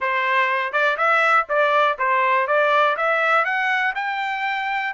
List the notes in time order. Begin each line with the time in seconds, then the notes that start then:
0.00 C5
0.72 D5
0.97 E5
1.48 D5
1.98 C5
2.47 D5
2.96 E5
3.44 F#5
3.95 G5